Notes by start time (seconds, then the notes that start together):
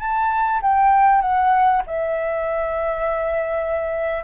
0.00 A5
0.62 G5
1.22 F#5
1.87 E5